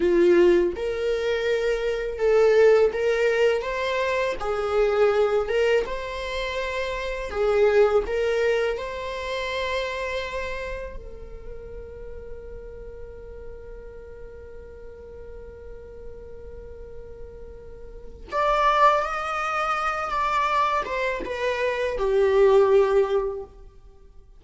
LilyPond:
\new Staff \with { instrumentName = "viola" } { \time 4/4 \tempo 4 = 82 f'4 ais'2 a'4 | ais'4 c''4 gis'4. ais'8 | c''2 gis'4 ais'4 | c''2. ais'4~ |
ais'1~ | ais'1~ | ais'4 d''4 dis''4. d''8~ | d''8 c''8 b'4 g'2 | }